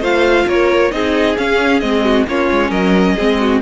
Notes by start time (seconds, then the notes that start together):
0.00 A3 F4 C5 F5
0.46 A#3 A#4 C#5
0.91 C4 D#4 G#4 D#5
1.37 C#4 F5
1.79 G#3 C4 D#5
2.04 F#4
2.27 A#3 C#4 F4 C#5
2.51 G#3
2.69 F#3 A#4 D#5
3.15 G#3 C4 G#4
3.39 F#4